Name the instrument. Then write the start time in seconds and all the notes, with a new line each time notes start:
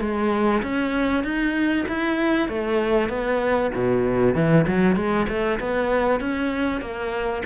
cello
0.00 G#3
0.62 C#4
1.23 D#4
1.88 E4
2.48 A3
3.09 B3
3.74 B2
4.34 E3
4.67 F#3
4.95 G#3
5.28 A3
5.59 B3
6.20 C#4
6.80 A#3